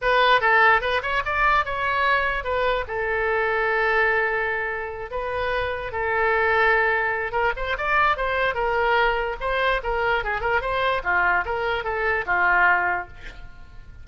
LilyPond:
\new Staff \with { instrumentName = "oboe" } { \time 4/4 \tempo 4 = 147 b'4 a'4 b'8 cis''8 d''4 | cis''2 b'4 a'4~ | a'1~ | a'8 b'2 a'4.~ |
a'2 ais'8 c''8 d''4 | c''4 ais'2 c''4 | ais'4 gis'8 ais'8 c''4 f'4 | ais'4 a'4 f'2 | }